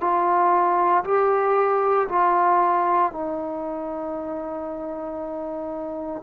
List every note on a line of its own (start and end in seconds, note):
0.00 1.03 F4
1.04 2.07 G4
2.08 3.12 F4
3.12 6.22 D#4